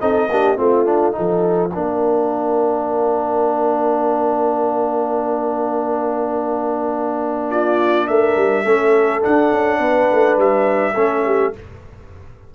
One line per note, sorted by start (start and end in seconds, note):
0.00 0.28 C4
0.00 0.29 D#4
0.00 0.29 A4
0.00 0.57 D#5
0.28 0.57 A#3
0.28 0.56 D4
0.28 0.58 G4
0.56 1.16 A3
0.56 0.85 C4
0.56 1.15 F4
0.56 7.50 F5
0.85 1.12 D4
1.12 1.69 D#4
1.12 1.72 A4
1.18 1.76 F3
1.72 8.09 A#3
1.72 8.65 D4
1.72 7.49 A#4
7.50 8.07 F4
7.50 8.07 D5
8.07 8.36 A3
8.07 8.64 A#4
8.07 9.23 E5
8.36 8.65 G3
8.64 9.22 A3
8.64 9.21 C#4
8.64 9.79 A4
9.21 10.94 D4
9.21 9.51 D4
9.21 10.39 F#5
9.51 9.79 C#4
9.79 10.08 B3
9.79 10.94 B4
10.12 10.37 A3
10.37 10.94 G3
10.37 11.55 E5
10.94 11.53 A3
10.94 11.53 C#4
10.94 11.23 A4
11.26 11.54 G4